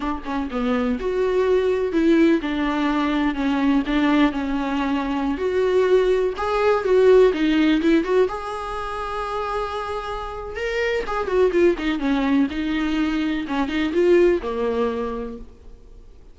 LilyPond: \new Staff \with { instrumentName = "viola" } { \time 4/4 \tempo 4 = 125 d'8 cis'8 b4 fis'2 | e'4 d'2 cis'4 | d'4 cis'2~ cis'16 fis'8.~ | fis'4~ fis'16 gis'4 fis'4 dis'8.~ |
dis'16 e'8 fis'8 gis'2~ gis'8.~ | gis'2 ais'4 gis'8 fis'8 | f'8 dis'8 cis'4 dis'2 | cis'8 dis'8 f'4 ais2 | }